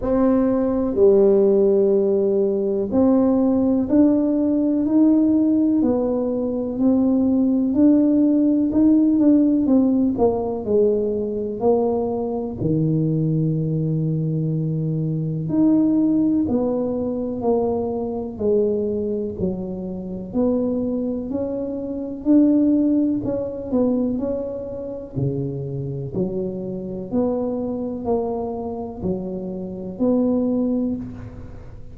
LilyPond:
\new Staff \with { instrumentName = "tuba" } { \time 4/4 \tempo 4 = 62 c'4 g2 c'4 | d'4 dis'4 b4 c'4 | d'4 dis'8 d'8 c'8 ais8 gis4 | ais4 dis2. |
dis'4 b4 ais4 gis4 | fis4 b4 cis'4 d'4 | cis'8 b8 cis'4 cis4 fis4 | b4 ais4 fis4 b4 | }